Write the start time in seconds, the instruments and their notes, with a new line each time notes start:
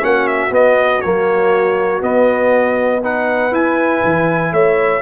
0.00 tuba A#3, trombone C#4, horn F#4, trumpet F#5
0.27 trumpet E5
0.50 tuba B3, trombone B3, trumpet D#5
1.01 tuba F#3, trombone A#3, trumpet C#5
2.01 trombone B3, tuba B3, trumpet D#5
3.00 trombone D#4, horn B4, trumpet F#5
3.51 trombone E4, tuba E4, trumpet G#5
4.04 tuba E3
4.52 tuba A3, horn C#5, trumpet E5